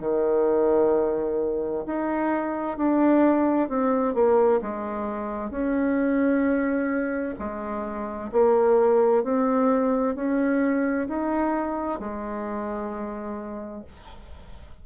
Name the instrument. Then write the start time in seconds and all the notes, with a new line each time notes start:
bassoon
0.00 D#3
1.86 D#4
2.77 D4
3.69 C4
4.15 A#3
4.62 G#3
5.50 C#4
7.38 G#3
8.32 A#3
9.23 C4
10.15 C#4
11.08 D#4
12.00 G#3